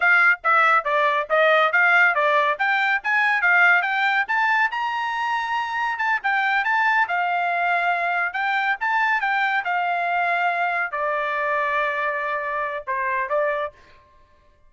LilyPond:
\new Staff \with { instrumentName = "trumpet" } { \time 4/4 \tempo 4 = 140 f''4 e''4 d''4 dis''4 | f''4 d''4 g''4 gis''4 | f''4 g''4 a''4 ais''4~ | ais''2 a''8 g''4 a''8~ |
a''8 f''2. g''8~ | g''8 a''4 g''4 f''4.~ | f''4. d''2~ d''8~ | d''2 c''4 d''4 | }